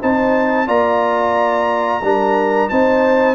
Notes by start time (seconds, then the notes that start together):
0.00 C4 D#4 C5 A5
0.66 A#3 F4 D5 A#5
2.01 G3 D4 A#4
2.69 C4 D#4 C5 A5